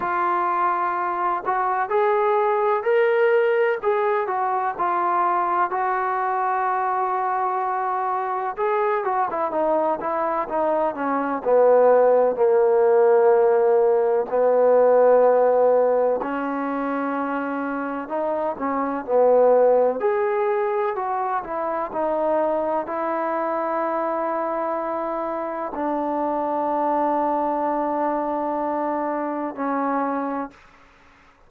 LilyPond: \new Staff \with { instrumentName = "trombone" } { \time 4/4 \tempo 4 = 63 f'4. fis'8 gis'4 ais'4 | gis'8 fis'8 f'4 fis'2~ | fis'4 gis'8 fis'16 e'16 dis'8 e'8 dis'8 cis'8 | b4 ais2 b4~ |
b4 cis'2 dis'8 cis'8 | b4 gis'4 fis'8 e'8 dis'4 | e'2. d'4~ | d'2. cis'4 | }